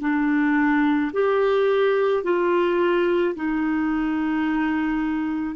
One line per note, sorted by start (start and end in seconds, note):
0.00 1.11 D4
1.13 2.23 G4
2.23 3.34 F4
3.35 5.55 D#4